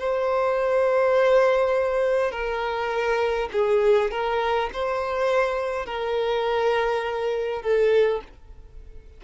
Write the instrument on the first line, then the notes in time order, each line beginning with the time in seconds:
violin
0.00 C5
2.32 A#4
3.52 G#4
4.11 A#4
4.73 C5
5.86 A#4
7.63 A4